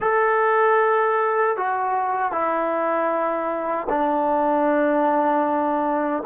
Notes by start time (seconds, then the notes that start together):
0.00 A4
1.56 F#4
2.32 E4
3.89 D4